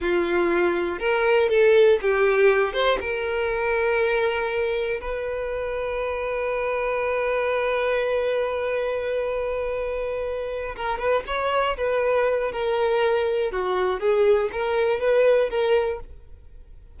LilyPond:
\new Staff \with { instrumentName = "violin" } { \time 4/4 \tempo 4 = 120 f'2 ais'4 a'4 | g'4. c''8 ais'2~ | ais'2 b'2~ | b'1~ |
b'1~ | b'4. ais'8 b'8 cis''4 b'8~ | b'4 ais'2 fis'4 | gis'4 ais'4 b'4 ais'4 | }